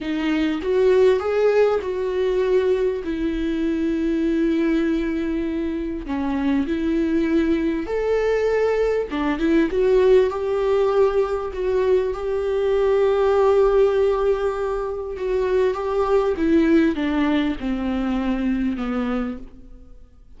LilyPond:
\new Staff \with { instrumentName = "viola" } { \time 4/4 \tempo 4 = 99 dis'4 fis'4 gis'4 fis'4~ | fis'4 e'2.~ | e'2 cis'4 e'4~ | e'4 a'2 d'8 e'8 |
fis'4 g'2 fis'4 | g'1~ | g'4 fis'4 g'4 e'4 | d'4 c'2 b4 | }